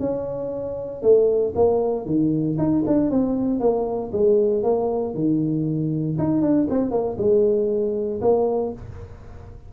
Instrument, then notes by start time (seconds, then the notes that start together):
tuba
0.00 C#4
1.03 A3
1.55 A#3
2.06 D#3
2.58 D#4
2.87 D4
3.11 C4
3.60 A#3
4.13 G#3
4.64 A#3
5.15 D#3
6.19 D#4
6.42 D4
6.70 C4
6.91 A#3
7.18 G#3
8.22 A#3